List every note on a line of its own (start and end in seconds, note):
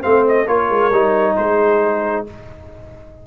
0.00 0.47 A3
0.00 0.46 C4
0.00 0.44 C5
0.00 0.25 F5
0.28 0.47 D#5
0.46 0.69 A#3
0.46 0.92 F4
0.46 1.34 A#4
0.46 1.36 C#5
0.69 0.91 G#3
0.91 1.35 G3
0.91 2.26 D#4
1.36 2.26 G#3
1.36 2.25 G#4
1.36 2.25 C5